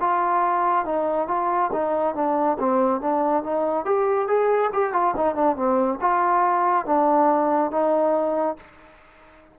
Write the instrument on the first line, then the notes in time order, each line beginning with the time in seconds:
trombone
0.00 F4
0.85 D#4
1.28 F4
1.72 D#4
2.15 D4
2.59 C4
3.00 D4
3.43 D#4
3.85 G4
4.27 G#4
4.73 G4
4.93 F4
5.17 D#4
5.35 D4
5.56 C4
6.00 F4
6.86 D4
7.71 D#4